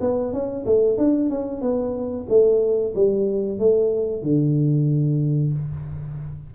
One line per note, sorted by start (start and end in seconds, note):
0.00 0.33 B3
0.33 0.65 C#4
0.65 0.98 A3
0.98 1.30 D4
1.30 1.61 C#4
1.61 2.26 B3
2.29 2.94 A3
2.95 3.59 G3
3.59 4.22 A3
4.22 5.53 D3